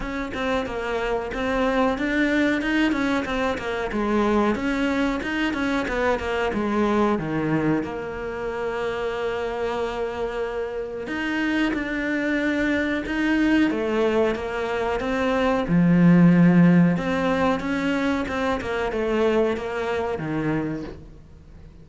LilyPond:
\new Staff \with { instrumentName = "cello" } { \time 4/4 \tempo 4 = 92 cis'8 c'8 ais4 c'4 d'4 | dis'8 cis'8 c'8 ais8 gis4 cis'4 | dis'8 cis'8 b8 ais8 gis4 dis4 | ais1~ |
ais4 dis'4 d'2 | dis'4 a4 ais4 c'4 | f2 c'4 cis'4 | c'8 ais8 a4 ais4 dis4 | }